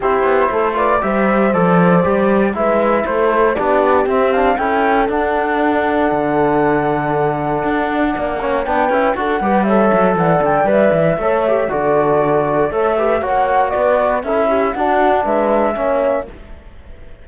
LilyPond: <<
  \new Staff \with { instrumentName = "flute" } { \time 4/4 \tempo 4 = 118 c''4. d''8 e''4 d''4~ | d''4 e''4 c''4 d''4 | e''8 f''8 g''4 fis''2~ | fis''1~ |
fis''4 g''4 fis''4 e''4 | fis''8 g''8 e''2 d''4~ | d''4 e''4 fis''4 d''4 | e''4 fis''4 e''2 | }
  \new Staff \with { instrumentName = "horn" } { \time 4/4 g'4 a'8 b'8 c''2~ | c''4 b'4 a'4 g'4~ | g'4 a'2.~ | a'1 |
d''8 cis''8 b'4 a'8 b'8 cis''4 | d''2 cis''4 a'4~ | a'4 cis''8 b'8 cis''4 b'4 | a'8 g'8 fis'4 b'4 cis''4 | }
  \new Staff \with { instrumentName = "trombone" } { \time 4/4 e'4. f'8 g'4 a'4 | g'4 e'2 d'4 | c'8 d'8 e'4 d'2~ | d'1~ |
d'8 cis'8 d'8 e'8 fis'8 g'8 a'4~ | a'4 b'4 a'8 g'8 fis'4~ | fis'4 a'8 g'8 fis'2 | e'4 d'2 cis'4 | }
  \new Staff \with { instrumentName = "cello" } { \time 4/4 c'8 b8 a4 g4 f4 | g4 gis4 a4 b4 | c'4 cis'4 d'2 | d2. d'4 |
ais4 b8 cis'8 d'8 g4 fis8 | e8 d8 g8 e8 a4 d4~ | d4 a4 ais4 b4 | cis'4 d'4 gis4 ais4 | }
>>